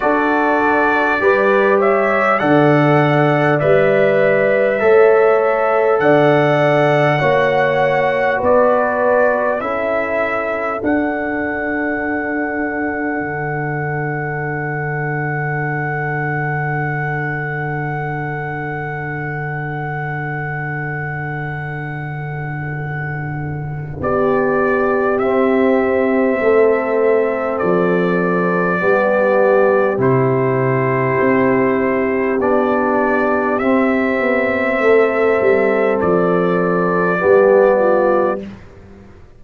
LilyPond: <<
  \new Staff \with { instrumentName = "trumpet" } { \time 4/4 \tempo 4 = 50 d''4. e''8 fis''4 e''4~ | e''4 fis''2 d''4 | e''4 fis''2.~ | fis''1~ |
fis''1 | d''4 e''2 d''4~ | d''4 c''2 d''4 | e''2 d''2 | }
  \new Staff \with { instrumentName = "horn" } { \time 4/4 a'4 b'8 cis''8 d''2 | cis''4 d''4 cis''4 b'4 | a'1~ | a'1~ |
a'1 | g'2 a'2 | g'1~ | g'4 a'2 g'8 f'8 | }
  \new Staff \with { instrumentName = "trombone" } { \time 4/4 fis'4 g'4 a'4 b'4 | a'2 fis'2 | e'4 d'2.~ | d'1~ |
d'1~ | d'4 c'2. | b4 e'2 d'4 | c'2. b4 | }
  \new Staff \with { instrumentName = "tuba" } { \time 4/4 d'4 g4 d4 g4 | a4 d4 ais4 b4 | cis'4 d'2 d4~ | d1~ |
d1 | b4 c'4 a4 f4 | g4 c4 c'4 b4 | c'8 b8 a8 g8 f4 g4 | }
>>